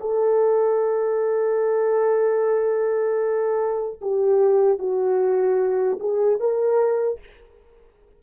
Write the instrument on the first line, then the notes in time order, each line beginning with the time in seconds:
horn
0.00 A4
4.01 G4
4.79 F#4
6.00 G#4
6.40 A#4